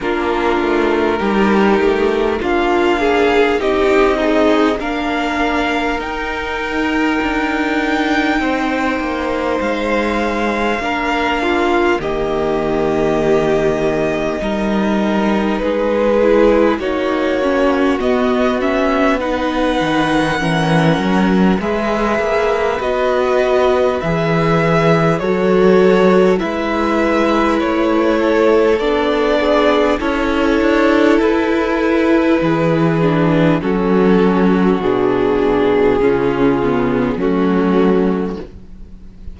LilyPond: <<
  \new Staff \with { instrumentName = "violin" } { \time 4/4 \tempo 4 = 50 ais'2 f''4 dis''4 | f''4 g''2. | f''2 dis''2~ | dis''4 b'4 cis''4 dis''8 e''8 |
fis''2 e''4 dis''4 | e''4 cis''4 e''4 cis''4 | d''4 cis''4 b'2 | a'4 gis'2 fis'4 | }
  \new Staff \with { instrumentName = "violin" } { \time 4/4 f'4 g'4 f'8 gis'8 g'8 dis'8 | ais'2. c''4~ | c''4 ais'8 f'8 g'2 | ais'4 gis'4 fis'2 |
b'4 ais'4 b'2~ | b'4 a'4 b'4. a'8~ | a'8 gis'8 a'2 gis'4 | fis'2 f'4 cis'4 | }
  \new Staff \with { instrumentName = "viola" } { \time 4/4 d'4 dis'4 d'4 dis'8 gis'8 | d'4 dis'2.~ | dis'4 d'4 ais2 | dis'4. e'8 dis'8 cis'8 b8 cis'8 |
dis'4 cis'4 gis'4 fis'4 | gis'4 fis'4 e'2 | d'4 e'2~ e'8 d'8 | cis'4 d'4 cis'8 b8 a4 | }
  \new Staff \with { instrumentName = "cello" } { \time 4/4 ais8 a8 g8 a8 ais4 c'4 | ais4 dis'4 d'4 c'8 ais8 | gis4 ais4 dis2 | g4 gis4 ais4 b4~ |
b8 dis8 e8 fis8 gis8 ais8 b4 | e4 fis4 gis4 a4 | b4 cis'8 d'8 e'4 e4 | fis4 b,4 cis4 fis4 | }
>>